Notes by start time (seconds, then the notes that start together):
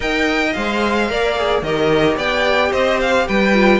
0.00 D#4 A#4 D#5 G5
0.53 G#3 C5 F5
1.09 A#3 A#4 D5
1.36 G#4
1.62 D#3 G4 A#4 D#5
2.16 B3 D5 G5
2.71 C4 C5 D#5
3.00 F5
3.27 G3 B4 G5
3.53 F4